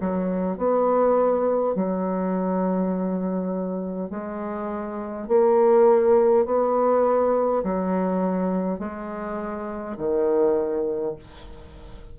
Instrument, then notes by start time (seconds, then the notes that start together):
bassoon
0.00 F#3
0.57 B3
1.75 F#3
4.10 G#3
5.28 A#3
6.45 B3
7.63 F#3
8.79 G#3
9.97 D#3